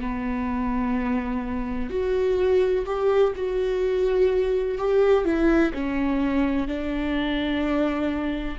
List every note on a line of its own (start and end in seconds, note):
0.00 1.90 B3
1.90 2.85 F#4
2.85 3.33 G4
3.35 4.78 F#4
4.78 5.25 G4
5.25 5.72 E4
5.74 6.68 C#4
6.68 8.58 D4